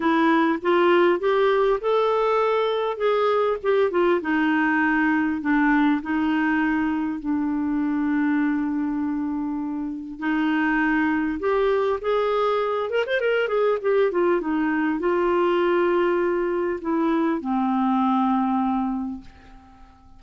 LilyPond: \new Staff \with { instrumentName = "clarinet" } { \time 4/4 \tempo 4 = 100 e'4 f'4 g'4 a'4~ | a'4 gis'4 g'8 f'8 dis'4~ | dis'4 d'4 dis'2 | d'1~ |
d'4 dis'2 g'4 | gis'4. ais'16 c''16 ais'8 gis'8 g'8 f'8 | dis'4 f'2. | e'4 c'2. | }